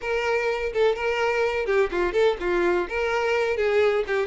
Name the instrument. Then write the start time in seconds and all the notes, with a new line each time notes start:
violin
0.01 A#4
0.73 A4
0.95 A#4
1.66 G4
1.91 F4
2.13 A4
2.40 F4
2.88 A#4
3.56 G#4
4.07 G4